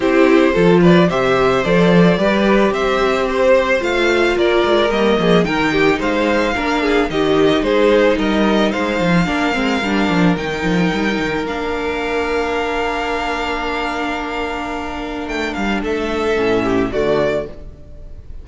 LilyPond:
<<
  \new Staff \with { instrumentName = "violin" } { \time 4/4 \tempo 4 = 110 c''4. d''8 e''4 d''4~ | d''4 e''4 c''4 f''4 | d''4 dis''4 g''4 f''4~ | f''4 dis''4 c''4 dis''4 |
f''2. g''4~ | g''4 f''2.~ | f''1 | g''8 f''8 e''2 d''4 | }
  \new Staff \with { instrumentName = "violin" } { \time 4/4 g'4 a'8 b'8 c''2 | b'4 c''2. | ais'4. gis'8 ais'8 g'8 c''4 | ais'8 gis'8 g'4 gis'4 ais'4 |
c''4 ais'2.~ | ais'1~ | ais'1~ | ais'4 a'4. g'8 fis'4 | }
  \new Staff \with { instrumentName = "viola" } { \time 4/4 e'4 f'4 g'4 a'4 | g'2. f'4~ | f'4 ais4 dis'2 | d'4 dis'2.~ |
dis'4 d'8 c'8 d'4 dis'4~ | dis'4 d'2.~ | d'1~ | d'2 cis'4 a4 | }
  \new Staff \with { instrumentName = "cello" } { \time 4/4 c'4 f4 c4 f4 | g4 c'2 a4 | ais8 gis8 g8 f8 dis4 gis4 | ais4 dis4 gis4 g4 |
gis8 f8 ais8 gis8 g8 f8 dis8 f8 | g8 dis8 ais2.~ | ais1 | a8 g8 a4 a,4 d4 | }
>>